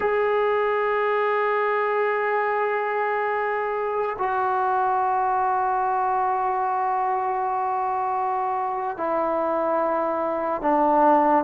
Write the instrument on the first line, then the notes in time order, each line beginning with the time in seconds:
trombone
0.00 G#4
4.18 F#4
8.97 E4
10.61 D4